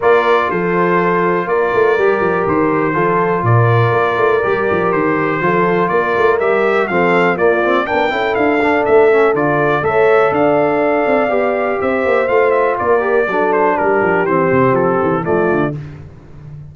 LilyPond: <<
  \new Staff \with { instrumentName = "trumpet" } { \time 4/4 \tempo 4 = 122 d''4 c''2 d''4~ | d''4 c''2 d''4~ | d''2 c''2 | d''4 e''4 f''4 d''4 |
g''4 f''4 e''4 d''4 | e''4 f''2. | e''4 f''8 e''8 d''4. c''8 | ais'4 c''4 a'4 d''4 | }
  \new Staff \with { instrumentName = "horn" } { \time 4/4 ais'4 a'2 ais'4~ | ais'2 a'4 ais'4~ | ais'2. a'4 | ais'2 a'4 f'4 |
ais'8 a'2.~ a'8 | cis''4 d''2. | c''2 ais'4 a'4 | g'2. f'4 | }
  \new Staff \with { instrumentName = "trombone" } { \time 4/4 f'1 | g'2 f'2~ | f'4 g'2 f'4~ | f'4 g'4 c'4 ais8 c'8 |
d'8 e'4 d'4 cis'8 f'4 | a'2. g'4~ | g'4 f'4. g'8 d'4~ | d'4 c'2 a4 | }
  \new Staff \with { instrumentName = "tuba" } { \time 4/4 ais4 f2 ais8 a8 | g8 f8 dis4 f4 ais,4 | ais8 a8 g8 f8 dis4 f4 | ais8 a8 g4 f4 ais4 |
b8 cis'8 d'4 a4 d4 | a4 d'4. c'8 b4 | c'8 ais8 a4 ais4 fis4 | g8 f8 e8 c8 f8 e8 f8 d8 | }
>>